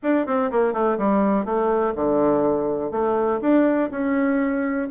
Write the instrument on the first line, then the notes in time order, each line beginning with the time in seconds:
bassoon
0.02 D4
0.26 C4
0.51 A#3
0.73 A3
0.98 G3
1.45 A3
1.95 D3
2.91 A3
3.41 D4
3.90 C#4